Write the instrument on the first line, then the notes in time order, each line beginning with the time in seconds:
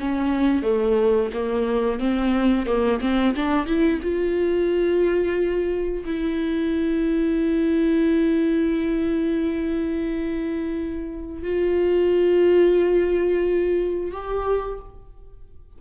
viola
0.00 C#4
0.63 A3
1.33 A#3
1.99 C4
2.66 A#3
3.01 C4
3.36 D4
3.66 E4
4.02 F4
6.05 E4
11.43 F4
14.11 G4